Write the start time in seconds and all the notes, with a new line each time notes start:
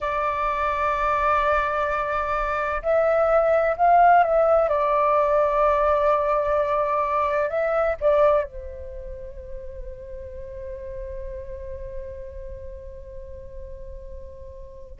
0.00 D5
2.82 E5
3.76 F5
4.23 E5
4.69 D5
7.49 E5
8.00 D5
8.44 C5